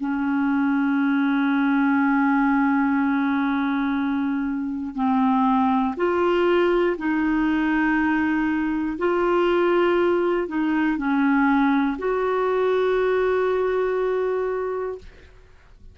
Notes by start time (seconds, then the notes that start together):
0.00 C#4
4.95 C4
5.96 F4
6.98 D#4
8.98 F4
10.47 D#4
10.97 C#4
11.98 F#4